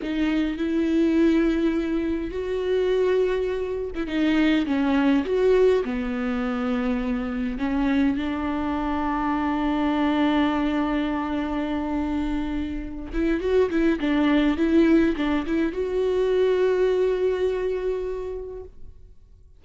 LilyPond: \new Staff \with { instrumentName = "viola" } { \time 4/4 \tempo 4 = 103 dis'4 e'2. | fis'2~ fis'8. e'16 dis'4 | cis'4 fis'4 b2~ | b4 cis'4 d'2~ |
d'1~ | d'2~ d'8 e'8 fis'8 e'8 | d'4 e'4 d'8 e'8 fis'4~ | fis'1 | }